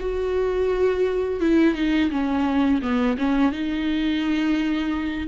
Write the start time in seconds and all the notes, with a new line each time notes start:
0.00 F#4
1.40 E4
1.75 D#4
2.11 C#4
2.82 B3
3.18 C#4
3.52 D#4